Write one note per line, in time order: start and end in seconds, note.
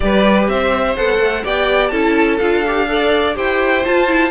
0.00 0.48 G3
0.00 0.96 G4
0.00 0.51 B4
0.00 0.47 D5
0.48 0.96 C4
0.48 1.44 C5
0.48 0.96 E5
0.96 1.19 B3
0.96 1.44 A4
0.96 1.44 F#5
1.19 1.43 A3
1.44 1.92 B3
1.44 1.91 G4
1.44 1.91 D5
1.44 1.88 G5
1.88 2.40 C#4
1.88 2.39 E4
1.88 2.87 A4
1.88 2.35 A5
2.38 3.37 D4
2.38 2.64 F4
2.38 3.34 F5
2.66 2.88 G4
2.88 3.34 A4
2.88 3.36 D5
3.34 3.85 E4
3.34 3.82 G4
3.34 4.31 C5
3.34 3.85 G5
3.84 4.07 F4
3.84 4.31 F4
3.84 4.31 A5
4.07 4.31 E4